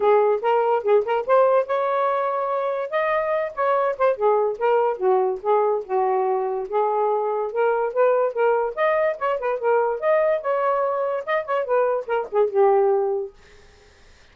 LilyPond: \new Staff \with { instrumentName = "saxophone" } { \time 4/4 \tempo 4 = 144 gis'4 ais'4 gis'8 ais'8 c''4 | cis''2. dis''4~ | dis''8 cis''4 c''8 gis'4 ais'4 | fis'4 gis'4 fis'2 |
gis'2 ais'4 b'4 | ais'4 dis''4 cis''8 b'8 ais'4 | dis''4 cis''2 dis''8 cis''8 | b'4 ais'8 gis'8 g'2 | }